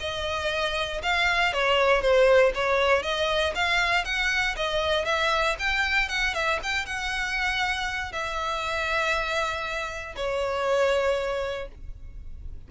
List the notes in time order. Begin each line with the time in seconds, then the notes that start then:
0.00 D#5
1.03 F5
1.53 C#5
2.02 C5
2.55 C#5
3.03 D#5
3.55 F5
4.05 F#5
4.56 D#5
5.05 E5
5.59 G5
6.09 F#5
6.34 E5
6.63 G5
6.86 F#5
8.12 E5
10.16 C#5